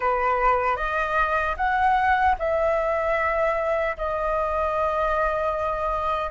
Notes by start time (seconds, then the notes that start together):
0.00 B4
0.76 D#5
1.56 F#5
2.38 E5
3.97 D#5